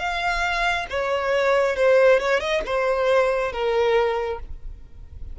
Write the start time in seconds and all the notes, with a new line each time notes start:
0.00 F5
0.91 C#5
1.77 C5
2.20 C#5
2.40 D#5
2.66 C5
3.53 A#4